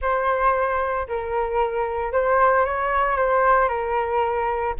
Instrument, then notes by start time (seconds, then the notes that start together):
flute
0.01 C5
1.08 A#4
2.12 C5
2.65 C#5
3.17 C5
3.68 A#4